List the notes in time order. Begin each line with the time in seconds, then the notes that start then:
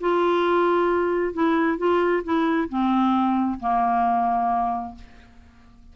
0.00 F4
1.33 E4
1.78 F4
2.24 E4
2.69 C4
3.60 A#3